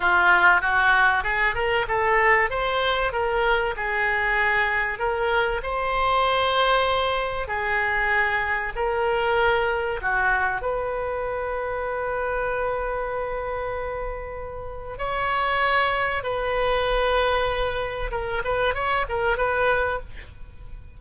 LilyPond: \new Staff \with { instrumentName = "oboe" } { \time 4/4 \tempo 4 = 96 f'4 fis'4 gis'8 ais'8 a'4 | c''4 ais'4 gis'2 | ais'4 c''2. | gis'2 ais'2 |
fis'4 b'2.~ | b'1 | cis''2 b'2~ | b'4 ais'8 b'8 cis''8 ais'8 b'4 | }